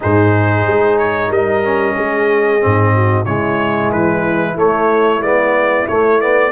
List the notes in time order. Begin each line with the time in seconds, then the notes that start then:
0.00 G#2 D#4 G#4 C5
0.66 G#3
0.98 C#5
1.29 G3 A#4 D#5
1.63 C#4
1.96 G#3 G#4
2.60 G#2 C4
2.93 F#4
3.25 C#3 G#3 E4 C#5
3.92 E3 B4
4.55 A3 C#5
5.20 G#3 B3 D5
5.88 A3 C#5
6.20 B3 D5